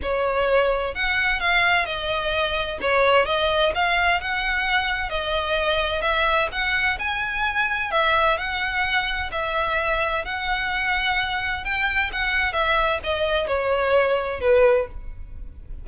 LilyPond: \new Staff \with { instrumentName = "violin" } { \time 4/4 \tempo 4 = 129 cis''2 fis''4 f''4 | dis''2 cis''4 dis''4 | f''4 fis''2 dis''4~ | dis''4 e''4 fis''4 gis''4~ |
gis''4 e''4 fis''2 | e''2 fis''2~ | fis''4 g''4 fis''4 e''4 | dis''4 cis''2 b'4 | }